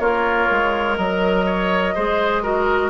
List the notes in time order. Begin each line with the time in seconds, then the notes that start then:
0.00 A#3 F4 A#4 C#5
0.51 G#3
0.97 F#3 A#4 D#5
1.46 C#5
1.95 G#3 G#4 C5
2.43 F#4 A#4